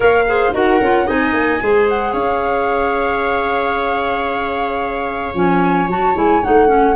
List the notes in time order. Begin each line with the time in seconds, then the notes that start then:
0.00 A#3 A#4 C#5 F5
0.27 G#4 C5
0.53 D#4 F#4 A#4 F#5
0.81 C#4 F4
1.06 C4 D#4 D#5 G#5
1.33 A#3
1.61 G#3 G#4 C5
1.89 F#5
2.12 C#4 C#5 F5
5.34 F3 C#4 G#5
5.87 F#3 F#4 A5
6.14 G#3 E4 G#5
6.43 A3 D#4 F#5
6.67 C#4